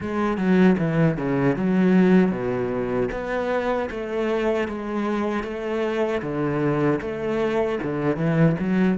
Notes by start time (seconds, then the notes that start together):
0.00 G#3
0.37 F#3
0.78 E3
1.17 C#3
1.56 F#3
2.31 B2
3.11 B3
3.90 A3
4.68 G#3
5.43 A3
6.22 D3
7.01 A3
7.82 D3
8.16 E3
8.59 F#3